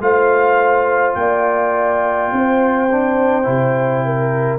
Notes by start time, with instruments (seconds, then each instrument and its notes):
0.00 tuba A3, trombone F4, horn C5, trumpet F5
1.14 tuba A#3, horn D5, trumpet G5
2.32 tuba C4, horn C5
2.91 trombone D4
3.43 tuba C3, trombone E4
4.05 horn A#4